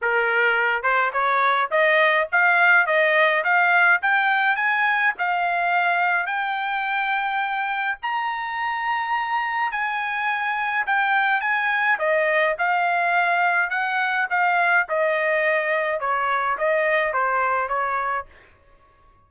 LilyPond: \new Staff \with { instrumentName = "trumpet" } { \time 4/4 \tempo 4 = 105 ais'4. c''8 cis''4 dis''4 | f''4 dis''4 f''4 g''4 | gis''4 f''2 g''4~ | g''2 ais''2~ |
ais''4 gis''2 g''4 | gis''4 dis''4 f''2 | fis''4 f''4 dis''2 | cis''4 dis''4 c''4 cis''4 | }